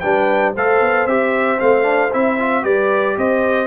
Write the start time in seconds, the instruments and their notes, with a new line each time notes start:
0.00 tuba G3, trombone D4, horn B4, trumpet G5
0.55 tuba A3, trombone A4, horn C5, trumpet F5
0.81 tuba B3
1.06 tuba C4, trombone G4, trumpet E5
1.59 tuba A3, trombone C4, trumpet F5
1.83 trombone D4
2.13 tuba C4, trombone E4, trumpet E5
2.39 trombone F4
2.63 tuba G3, trombone G4, horn B4, trumpet D5
3.18 tuba C4, horn C5, trumpet D#5